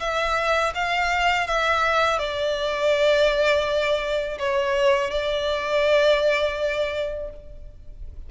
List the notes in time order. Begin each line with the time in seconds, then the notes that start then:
0.00 E5
0.75 F5
1.47 E5
2.19 D5
4.39 C#5
5.11 D5